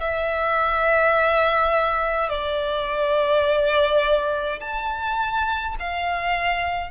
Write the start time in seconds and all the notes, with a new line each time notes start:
0.00 E5
2.29 D5
4.60 A5
5.80 F5